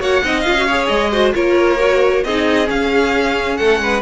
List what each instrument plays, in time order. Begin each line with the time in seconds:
0.00 cello A#3, viola F#4, violin C#5 F#5
0.24 cello C4, viola D#4, violin D#5
0.41 viola F4, violin F5
0.48 cello C#4
0.58 viola F#4
0.66 viola G#4, violin C#5
0.88 cello G#3, violin D#5
1.12 viola F#4, violin C5
1.34 cello A#3, viola F4, violin A#4 C#5
1.79 viola F#4
2.24 cello C4, viola D#4, violin G#4 D#5
2.65 viola C#4, cello C#4, violin F5
3.57 cello A3, violin A4 F#5
3.80 cello G#3, violin B4